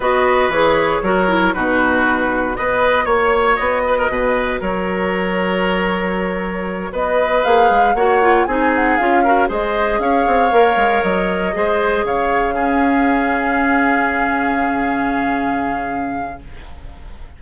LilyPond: <<
  \new Staff \with { instrumentName = "flute" } { \time 4/4 \tempo 4 = 117 dis''4 cis''2 b'4~ | b'4 dis''4 cis''4 dis''4~ | dis''4 cis''2.~ | cis''4. dis''4 f''4 fis''8~ |
fis''8 gis''8 fis''8 f''4 dis''4 f''8~ | f''4. dis''2 f''8~ | f''1~ | f''1 | }
  \new Staff \with { instrumentName = "oboe" } { \time 4/4 b'2 ais'4 fis'4~ | fis'4 b'4 cis''4. b'16 ais'16 | b'4 ais'2.~ | ais'4. b'2 cis''8~ |
cis''8 gis'4. ais'8 c''4 cis''8~ | cis''2~ cis''8 c''4 cis''8~ | cis''8 gis'2.~ gis'8~ | gis'1 | }
  \new Staff \with { instrumentName = "clarinet" } { \time 4/4 fis'4 gis'4 fis'8 e'8 dis'4~ | dis'4 fis'2.~ | fis'1~ | fis'2~ fis'8 gis'4 fis'8 |
f'8 dis'4 f'8 fis'8 gis'4.~ | gis'8 ais'2 gis'4.~ | gis'8 cis'2.~ cis'8~ | cis'1 | }
  \new Staff \with { instrumentName = "bassoon" } { \time 4/4 b4 e4 fis4 b,4~ | b,4 b4 ais4 b4 | b,4 fis2.~ | fis4. b4 ais8 gis8 ais8~ |
ais8 c'4 cis'4 gis4 cis'8 | c'8 ais8 gis8 fis4 gis4 cis8~ | cis1~ | cis1 | }
>>